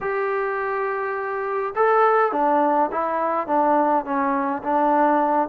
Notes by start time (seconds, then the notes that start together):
0.01 G4
1.75 A4
2.32 D4
2.91 E4
3.47 D4
4.04 C#4
4.63 D4